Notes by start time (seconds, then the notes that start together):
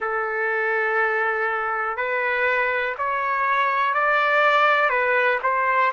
0.00 A4
1.97 B4
2.98 C#5
3.93 D5
4.89 B4
5.42 C5